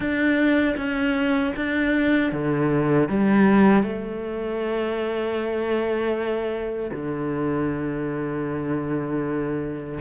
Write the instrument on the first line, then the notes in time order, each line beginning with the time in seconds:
cello
0.00 D4
0.77 C#4
1.56 D4
2.31 D3
3.08 G3
3.83 A3
6.91 D3